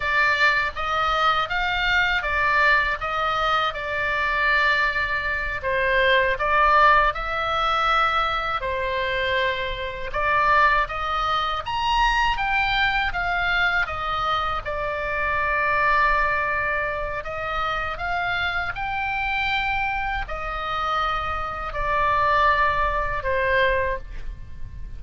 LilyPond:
\new Staff \with { instrumentName = "oboe" } { \time 4/4 \tempo 4 = 80 d''4 dis''4 f''4 d''4 | dis''4 d''2~ d''8 c''8~ | c''8 d''4 e''2 c''8~ | c''4. d''4 dis''4 ais''8~ |
ais''8 g''4 f''4 dis''4 d''8~ | d''2. dis''4 | f''4 g''2 dis''4~ | dis''4 d''2 c''4 | }